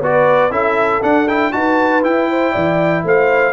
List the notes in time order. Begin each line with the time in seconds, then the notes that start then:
0.00 B3 F#4 B4 D5
0.50 C#4 E4 A4 E5
1.02 D4 F#5
1.28 E4 G5
1.52 D#4 F#4 B4 A5
2.02 E4 G5
2.29 C5
2.51 E3 D5
3.04 A3 C5 F5